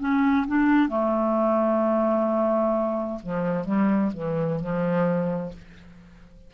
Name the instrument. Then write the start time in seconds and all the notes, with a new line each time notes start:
clarinet
0.00 C#4
0.47 D4
0.89 A3
3.23 F3
3.65 G3
4.14 E3
4.60 F3